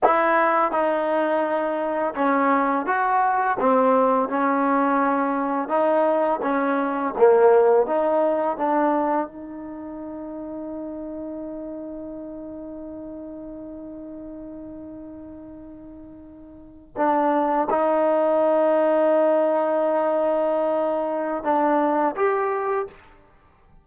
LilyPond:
\new Staff \with { instrumentName = "trombone" } { \time 4/4 \tempo 4 = 84 e'4 dis'2 cis'4 | fis'4 c'4 cis'2 | dis'4 cis'4 ais4 dis'4 | d'4 dis'2.~ |
dis'1~ | dis'2.~ dis'8. d'16~ | d'8. dis'2.~ dis'16~ | dis'2 d'4 g'4 | }